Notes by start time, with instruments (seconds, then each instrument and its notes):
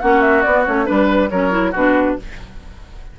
0.00 bassoon A#3, clarinet C#4, oboe F#4, flute F#5
0.21 flute E5
0.42 bassoon B3, clarinet B3, flute D5
0.66 bassoon A3, clarinet C#4, flute C#5
0.85 bassoon G3, clarinet D4, oboe B4, flute B4
1.30 bassoon F#3, clarinet C#4, oboe A#4, flute C#5
1.50 clarinet E4
1.71 bassoon B2, clarinet D4, oboe F#4, flute B4